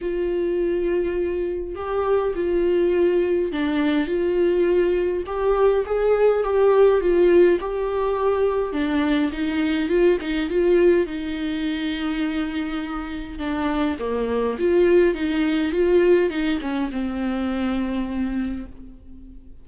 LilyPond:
\new Staff \with { instrumentName = "viola" } { \time 4/4 \tempo 4 = 103 f'2. g'4 | f'2 d'4 f'4~ | f'4 g'4 gis'4 g'4 | f'4 g'2 d'4 |
dis'4 f'8 dis'8 f'4 dis'4~ | dis'2. d'4 | ais4 f'4 dis'4 f'4 | dis'8 cis'8 c'2. | }